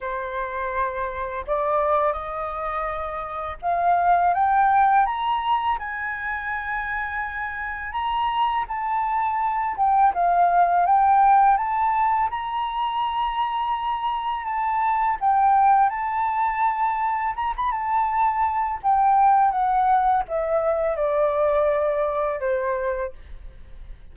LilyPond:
\new Staff \with { instrumentName = "flute" } { \time 4/4 \tempo 4 = 83 c''2 d''4 dis''4~ | dis''4 f''4 g''4 ais''4 | gis''2. ais''4 | a''4. g''8 f''4 g''4 |
a''4 ais''2. | a''4 g''4 a''2 | ais''16 b''16 a''4. g''4 fis''4 | e''4 d''2 c''4 | }